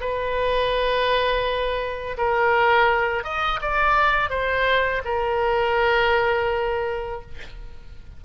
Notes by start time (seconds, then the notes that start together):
0.00 B4
2.17 A#4
3.24 D#5
3.61 D5
4.30 C5
5.05 A#4